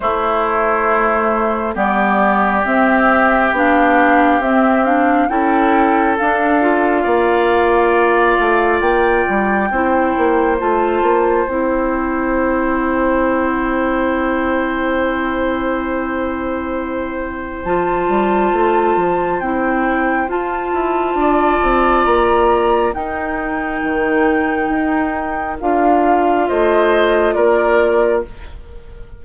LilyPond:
<<
  \new Staff \with { instrumentName = "flute" } { \time 4/4 \tempo 4 = 68 c''2 d''4 e''4 | f''4 e''8 f''8 g''4 f''4~ | f''2 g''2 | a''4 g''2.~ |
g''1 | a''2 g''4 a''4~ | a''4 ais''4 g''2~ | g''4 f''4 dis''4 d''4 | }
  \new Staff \with { instrumentName = "oboe" } { \time 4/4 e'2 g'2~ | g'2 a'2 | d''2. c''4~ | c''1~ |
c''1~ | c''1 | d''2 ais'2~ | ais'2 c''4 ais'4 | }
  \new Staff \with { instrumentName = "clarinet" } { \time 4/4 a2 b4 c'4 | d'4 c'8 d'8 e'4 d'8 f'8~ | f'2. e'4 | f'4 e'2.~ |
e'1 | f'2 e'4 f'4~ | f'2 dis'2~ | dis'4 f'2. | }
  \new Staff \with { instrumentName = "bassoon" } { \time 4/4 a2 g4 c'4 | b4 c'4 cis'4 d'4 | ais4. a8 ais8 g8 c'8 ais8 | a8 ais8 c'2.~ |
c'1 | f8 g8 a8 f8 c'4 f'8 e'8 | d'8 c'8 ais4 dis'4 dis4 | dis'4 d'4 a4 ais4 | }
>>